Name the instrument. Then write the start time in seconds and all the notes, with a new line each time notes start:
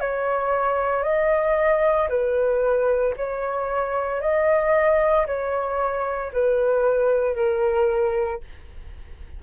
flute
0.00 C#5
1.03 D#5
2.09 B4
3.16 C#5
4.21 D#5
5.26 C#5
6.33 B4
7.35 A#4